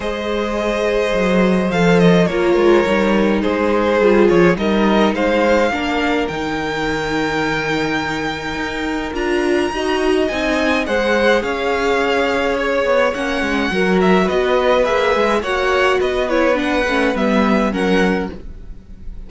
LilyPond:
<<
  \new Staff \with { instrumentName = "violin" } { \time 4/4 \tempo 4 = 105 dis''2. f''8 dis''8 | cis''2 c''4. cis''8 | dis''4 f''2 g''4~ | g''1 |
ais''2 gis''4 fis''4 | f''2 cis''4 fis''4~ | fis''8 e''8 dis''4 e''4 fis''4 | dis''8 cis''8 fis''4 e''4 fis''4 | }
  \new Staff \with { instrumentName = "violin" } { \time 4/4 c''1 | ais'2 gis'2 | ais'4 c''4 ais'2~ | ais'1~ |
ais'4 dis''2 c''4 | cis''1 | ais'4 b'2 cis''4 | b'2. ais'4 | }
  \new Staff \with { instrumentName = "viola" } { \time 4/4 gis'2. a'4 | f'4 dis'2 f'4 | dis'2 d'4 dis'4~ | dis'1 |
f'4 fis'4 dis'4 gis'4~ | gis'2. cis'4 | fis'2 gis'4 fis'4~ | fis'8 e'8 d'8 cis'8 b4 cis'4 | }
  \new Staff \with { instrumentName = "cello" } { \time 4/4 gis2 fis4 f4 | ais8 gis8 g4 gis4 g8 f8 | g4 gis4 ais4 dis4~ | dis2. dis'4 |
d'4 dis'4 c'4 gis4 | cis'2~ cis'8 b8 ais8 gis8 | fis4 b4 ais8 gis8 ais4 | b4. a8 g4 fis4 | }
>>